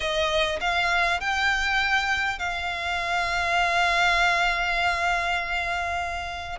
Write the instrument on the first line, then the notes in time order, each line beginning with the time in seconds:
violin
0.00 D#5
0.60 F5
1.20 G5
2.38 F5